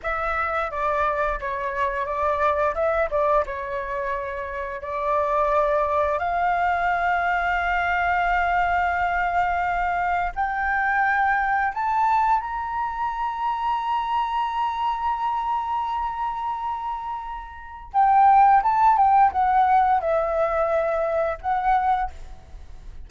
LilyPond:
\new Staff \with { instrumentName = "flute" } { \time 4/4 \tempo 4 = 87 e''4 d''4 cis''4 d''4 | e''8 d''8 cis''2 d''4~ | d''4 f''2.~ | f''2. g''4~ |
g''4 a''4 ais''2~ | ais''1~ | ais''2 g''4 a''8 g''8 | fis''4 e''2 fis''4 | }